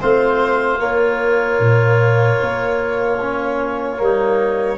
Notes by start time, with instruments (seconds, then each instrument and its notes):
0.00 tuba A3, trombone C4, oboe F4, violin C5
0.78 trombone A#3, tuba A#3, violin C#5
1.59 tuba A#2
2.41 tuba A#3
3.20 trombone C#4
3.96 tuba G3, trombone A#3, oboe D#4